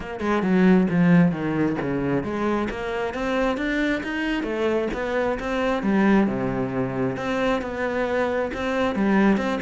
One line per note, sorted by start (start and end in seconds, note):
0.00 0.20 A#3
0.20 0.42 G#3
0.42 0.87 F#3
0.90 1.31 F3
1.31 1.76 D#3
1.81 2.23 C#3
2.23 2.68 G#3
2.69 3.13 A#3
3.13 3.57 C4
3.57 4.02 D4
4.03 4.43 D#4
4.43 4.88 A3
4.93 5.38 B3
5.39 5.82 C4
5.82 6.27 G3
6.27 7.16 C3
7.16 7.61 C4
7.61 8.51 B3
8.53 8.95 C4
8.95 9.37 G3
9.37 9.59 C4